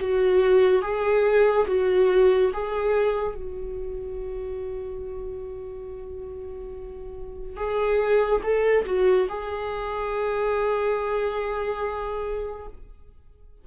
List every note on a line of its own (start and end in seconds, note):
0.00 0.82 F#4
0.82 1.67 G#4
1.67 2.52 F#4
2.53 3.35 G#4
3.35 7.57 F#4
7.57 8.42 G#4
8.44 8.86 A4
8.86 9.28 F#4
9.29 12.67 G#4